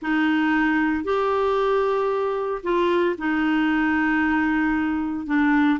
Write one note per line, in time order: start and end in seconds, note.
0.02 1.04 D#4
1.04 2.61 G4
2.63 3.16 F4
3.17 5.26 D#4
5.26 5.79 D4